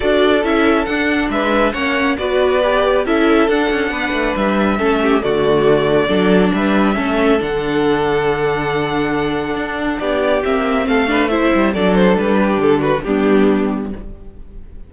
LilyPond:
<<
  \new Staff \with { instrumentName = "violin" } { \time 4/4 \tempo 4 = 138 d''4 e''4 fis''4 e''4 | fis''4 d''2 e''4 | fis''2 e''2 | d''2. e''4~ |
e''4 fis''2.~ | fis''2. d''4 | e''4 f''4 e''4 d''8 c''8 | b'4 a'8 b'8 g'2 | }
  \new Staff \with { instrumentName = "violin" } { \time 4/4 a'2. b'4 | cis''4 b'2 a'4~ | a'4 b'2 a'8 g'8 | fis'2 a'4 b'4 |
a'1~ | a'2. g'4~ | g'4 a'8 b'8 c''4 a'4~ | a'8 g'4 fis'8 d'2 | }
  \new Staff \with { instrumentName = "viola" } { \time 4/4 fis'4 e'4 d'2 | cis'4 fis'4 g'4 e'4 | d'2. cis'4 | a2 d'2 |
cis'4 d'2.~ | d'1 | c'4. d'8 e'4 d'4~ | d'2 b2 | }
  \new Staff \with { instrumentName = "cello" } { \time 4/4 d'4 cis'4 d'4 gis4 | ais4 b2 cis'4 | d'8 cis'8 b8 a8 g4 a4 | d2 fis4 g4 |
a4 d2.~ | d2 d'4 b4 | ais4 a4. g8 fis4 | g4 d4 g2 | }
>>